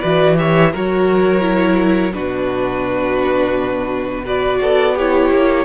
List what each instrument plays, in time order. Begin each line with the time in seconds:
0.00 cello E3, viola F#4, violin B4 D5
0.37 viola G4, violin C#5 E5
0.72 cello F#3, viola F#4, violin A#4 C#5
1.40 viola E4
2.13 cello B2, viola D4, violin F#4 B4
4.24 viola F#4, violin B4 D5
4.61 cello B3, violin A4
4.95 viola E4, violin G4 C#5
5.30 cello A#3